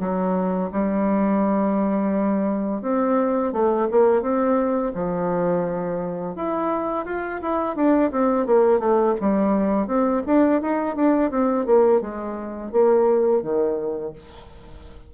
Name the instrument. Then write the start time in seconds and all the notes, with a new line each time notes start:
bassoon
0.00 F#3
0.72 G3
2.82 C4
3.53 A3
3.91 A#3
4.22 C4
4.94 F3
6.36 E4
7.06 F4
7.42 E4
7.76 D4
8.12 C4
8.46 A#3
8.79 A3
9.21 G3
9.87 C4
10.26 D4
10.62 D#4
10.96 D4
11.31 C4
11.66 A#3
12.01 G#3
12.72 A#3
13.42 D#3